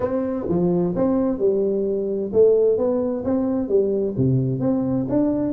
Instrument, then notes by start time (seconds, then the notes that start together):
tuba
0.00 C4
0.48 F3
0.95 C4
1.38 G3
2.32 A3
2.77 B3
3.24 C4
3.68 G3
4.17 C3
4.60 C4
5.09 D4